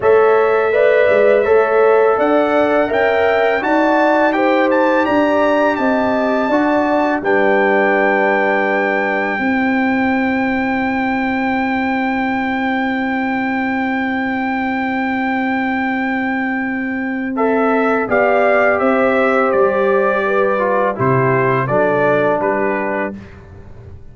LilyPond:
<<
  \new Staff \with { instrumentName = "trumpet" } { \time 4/4 \tempo 4 = 83 e''2. fis''4 | g''4 a''4 g''8 a''8 ais''4 | a''2 g''2~ | g''1~ |
g''1~ | g''1 | e''4 f''4 e''4 d''4~ | d''4 c''4 d''4 b'4 | }
  \new Staff \with { instrumentName = "horn" } { \time 4/4 cis''4 d''4 cis''4 d''4 | e''4 d''4 c''4 d''4 | dis''4 d''4 b'2~ | b'4 c''2.~ |
c''1~ | c''1~ | c''4 d''4 c''2 | b'4 g'4 a'4 g'4 | }
  \new Staff \with { instrumentName = "trombone" } { \time 4/4 a'4 b'4 a'2 | ais'4 fis'4 g'2~ | g'4 fis'4 d'2~ | d'4 e'2.~ |
e'1~ | e'1 | a'4 g'2.~ | g'8 f'8 e'4 d'2 | }
  \new Staff \with { instrumentName = "tuba" } { \time 4/4 a4. gis8 a4 d'4 | cis'4 dis'2 d'4 | c'4 d'4 g2~ | g4 c'2.~ |
c'1~ | c'1~ | c'4 b4 c'4 g4~ | g4 c4 fis4 g4 | }
>>